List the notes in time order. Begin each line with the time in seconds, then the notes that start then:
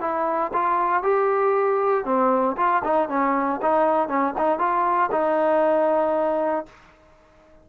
0.00 E4
0.53 F4
1.02 G4
2.04 C4
2.56 F4
2.84 D#4
3.09 C#4
3.62 D#4
4.08 C#4
4.38 D#4
4.59 F4
5.11 D#4